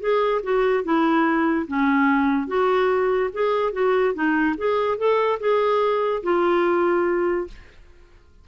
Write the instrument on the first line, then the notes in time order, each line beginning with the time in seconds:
clarinet
0.00 G#4
0.43 F#4
0.84 E4
1.67 C#4
2.47 F#4
3.33 G#4
3.73 F#4
4.14 D#4
4.57 G#4
4.97 A4
5.40 G#4
6.23 F4